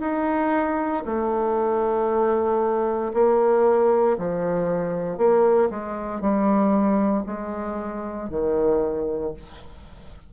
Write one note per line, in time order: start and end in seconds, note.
0.00 1.03 D#4
1.05 3.12 A3
3.13 4.17 A#3
4.18 5.17 F3
5.17 5.69 A#3
5.69 6.20 G#3
6.20 7.24 G3
7.26 8.29 G#3
8.29 9.33 D#3